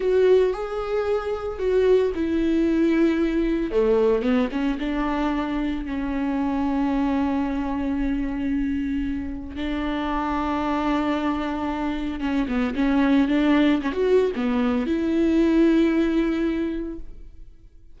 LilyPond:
\new Staff \with { instrumentName = "viola" } { \time 4/4 \tempo 4 = 113 fis'4 gis'2 fis'4 | e'2. a4 | b8 cis'8 d'2 cis'4~ | cis'1~ |
cis'2 d'2~ | d'2. cis'8 b8 | cis'4 d'4 cis'16 fis'8. b4 | e'1 | }